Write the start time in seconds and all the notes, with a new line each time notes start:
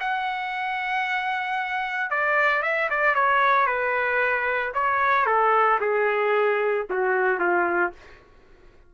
0.00 F#5
2.10 D5
2.63 E5
2.90 D5
3.15 C#5
3.67 B4
4.74 C#5
5.26 A4
5.80 G#4
6.90 F#4
7.39 F4